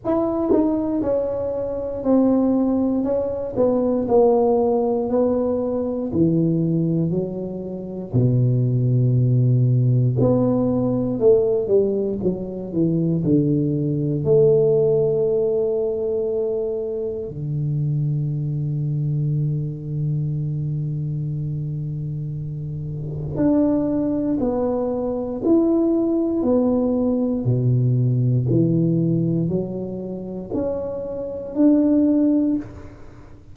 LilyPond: \new Staff \with { instrumentName = "tuba" } { \time 4/4 \tempo 4 = 59 e'8 dis'8 cis'4 c'4 cis'8 b8 | ais4 b4 e4 fis4 | b,2 b4 a8 g8 | fis8 e8 d4 a2~ |
a4 d2.~ | d2. d'4 | b4 e'4 b4 b,4 | e4 fis4 cis'4 d'4 | }